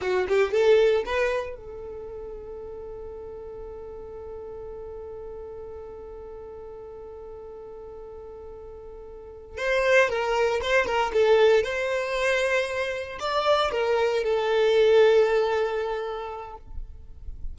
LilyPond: \new Staff \with { instrumentName = "violin" } { \time 4/4 \tempo 4 = 116 fis'8 g'8 a'4 b'4 a'4~ | a'1~ | a'1~ | a'1~ |
a'2~ a'8 c''4 ais'8~ | ais'8 c''8 ais'8 a'4 c''4.~ | c''4. d''4 ais'4 a'8~ | a'1 | }